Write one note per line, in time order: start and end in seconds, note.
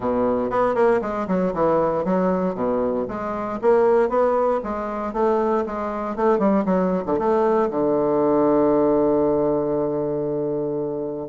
0.00 0.50 B2
0.50 0.74 B3
0.74 1.00 A#3
1.01 1.27 G#3
1.27 1.53 F#3
1.53 2.04 E3
2.05 2.55 F#3
2.55 3.06 B2
3.08 3.59 G#3
3.61 4.09 A#3
4.09 4.60 B3
4.63 5.13 G#3
5.13 5.64 A3
5.65 6.16 G#3
6.16 6.38 A3
6.38 6.64 G3
6.65 7.03 F#3
7.06 7.18 D3
7.18 7.70 A3
7.70 11.28 D3